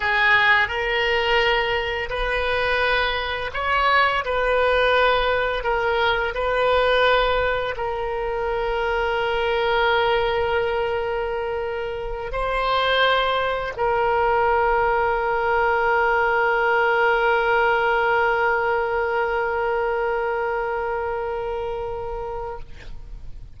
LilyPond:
\new Staff \with { instrumentName = "oboe" } { \time 4/4 \tempo 4 = 85 gis'4 ais'2 b'4~ | b'4 cis''4 b'2 | ais'4 b'2 ais'4~ | ais'1~ |
ais'4. c''2 ais'8~ | ais'1~ | ais'1~ | ais'1 | }